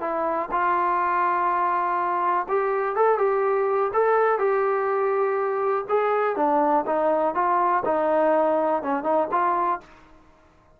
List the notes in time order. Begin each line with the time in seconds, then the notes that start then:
0.00 E4
0.51 F4
2.48 G4
2.96 A4
3.18 G4
3.93 A4
4.38 G4
5.88 G#4
6.36 D4
6.86 D#4
7.34 F4
7.85 D#4
8.82 C#4
9.03 D#4
9.31 F4